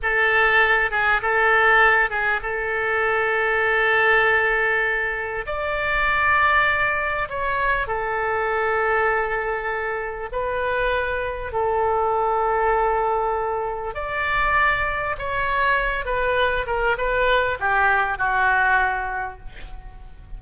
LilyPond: \new Staff \with { instrumentName = "oboe" } { \time 4/4 \tempo 4 = 99 a'4. gis'8 a'4. gis'8 | a'1~ | a'4 d''2. | cis''4 a'2.~ |
a'4 b'2 a'4~ | a'2. d''4~ | d''4 cis''4. b'4 ais'8 | b'4 g'4 fis'2 | }